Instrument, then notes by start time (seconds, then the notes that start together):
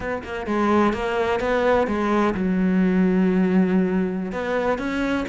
cello
0.00 B3
0.23 A#3
0.46 G#3
0.93 A#3
1.40 B3
1.87 G#3
2.34 F#3
4.32 B3
4.78 C#4